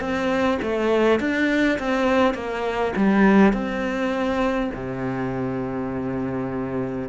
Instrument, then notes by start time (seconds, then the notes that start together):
cello
0.00 C4
0.62 A3
1.20 D4
1.79 C4
2.34 A#3
2.96 G3
3.53 C4
4.74 C3